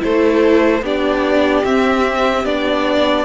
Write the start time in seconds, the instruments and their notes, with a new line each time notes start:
0.00 cello A3, viola E4, violin A4 C5
0.82 cello B3, viola D4, violin G4 D5
1.65 viola C4, cello C4, violin E5
2.45 cello B3, viola D4, violin D5